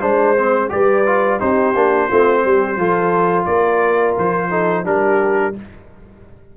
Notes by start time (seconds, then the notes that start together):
0.00 G#3 D4 C5
0.36 C4
0.69 G3 G4 B4 D5
1.06 F4
1.39 C4 D#4 G4 C5
1.74 A#3 D4
2.08 A3 C4 F4
2.44 G3 G4
2.76 F3 F4 A4
3.45 A#3 A#4 D5
4.18 F3 C5
4.50 D#4 A4
4.84 G3 D4 G4 A#4